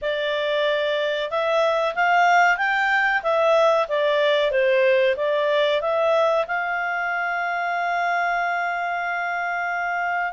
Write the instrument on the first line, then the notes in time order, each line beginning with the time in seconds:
clarinet
0.01 D5
1.30 E5
1.95 F5
2.57 G5
3.23 E5
3.88 D5
4.51 C5
5.16 D5
5.81 E5
6.47 F5